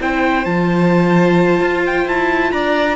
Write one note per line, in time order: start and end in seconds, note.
0.00 0.46 C4
0.00 0.45 E4
0.00 2.53 C5
0.00 0.45 G5
0.45 1.61 F3
0.45 2.96 F4
0.45 1.84 A5
1.61 2.06 F4
1.86 2.08 G5
2.06 2.52 E4
2.06 2.52 A5
2.52 2.96 D4
2.52 2.96 D5
2.52 2.96 A#5